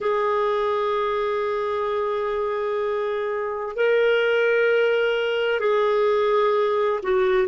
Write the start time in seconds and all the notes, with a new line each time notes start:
0.00 G#4
3.75 A#4
5.60 G#4
7.02 F#4